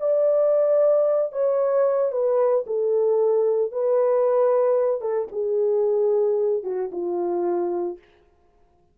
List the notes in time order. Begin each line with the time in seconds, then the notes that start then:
0.00 D5
1.32 C#5
2.12 B4
2.67 A4
3.72 B4
5.01 A4
5.32 G#4
6.63 F#4
6.92 F4